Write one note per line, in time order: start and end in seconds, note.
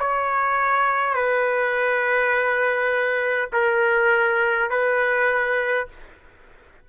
0.00 1.15 C#5
1.15 3.50 B4
3.53 4.71 A#4
4.71 5.88 B4